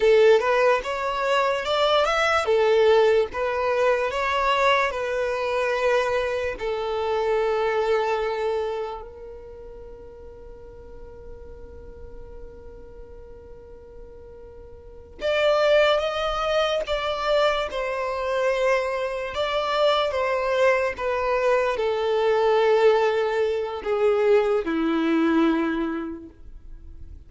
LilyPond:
\new Staff \with { instrumentName = "violin" } { \time 4/4 \tempo 4 = 73 a'8 b'8 cis''4 d''8 e''8 a'4 | b'4 cis''4 b'2 | a'2. ais'4~ | ais'1~ |
ais'2~ ais'8 d''4 dis''8~ | dis''8 d''4 c''2 d''8~ | d''8 c''4 b'4 a'4.~ | a'4 gis'4 e'2 | }